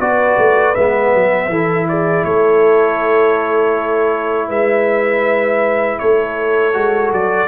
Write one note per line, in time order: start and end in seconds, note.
0.00 0.38 B3
0.00 0.76 F#4
0.00 1.51 B4
0.00 0.75 D5
0.38 0.76 A3
0.75 1.14 G#3
0.75 1.51 B3
0.75 1.88 E5
1.14 1.49 F#3
1.49 2.24 E3
1.49 6.73 E4
1.49 1.88 A4
1.89 2.27 G#4
1.89 2.25 D5
2.25 4.49 A3
2.25 4.48 A4
2.25 4.50 C#5
4.48 5.99 G#3
4.48 5.98 B4
4.48 5.99 E5
5.99 6.75 A3
5.99 7.48 A4
5.99 7.12 C#5
6.73 7.12 G#3
6.73 7.48 F#4
7.12 7.48 F#3
7.12 7.48 D5